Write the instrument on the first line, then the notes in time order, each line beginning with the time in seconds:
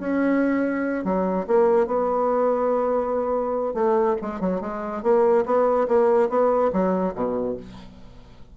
bassoon
0.00 C#4
1.05 F#3
1.47 A#3
1.87 B3
3.74 A3
4.22 G#3
4.41 F#3
4.61 G#3
5.03 A#3
5.46 B3
5.88 A#3
6.29 B3
6.73 F#3
7.15 B2